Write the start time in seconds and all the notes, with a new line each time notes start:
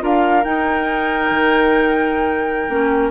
0.00 D4 F4 A#4 F5
0.45 D#4 G5
1.31 D#3
2.69 A#3 C#4